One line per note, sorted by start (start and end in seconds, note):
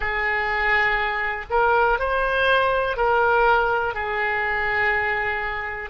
0.00 1.45 G#4
1.50 1.99 A#4
1.99 2.96 C5
2.96 3.94 A#4
3.94 5.90 G#4